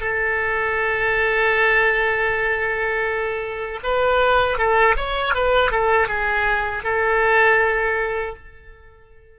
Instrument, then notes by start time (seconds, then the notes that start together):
oboe
0.00 A4
3.83 B4
4.57 A4
4.96 C#5
5.34 B4
5.71 A4
6.08 G#4
6.84 A4